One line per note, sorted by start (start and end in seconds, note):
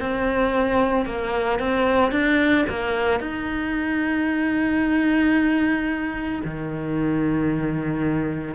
0.00 1.06 C4
1.06 1.60 A#3
1.60 2.12 C4
2.12 2.65 D4
2.70 3.21 A#3
3.21 6.42 D#4
6.45 8.55 D#3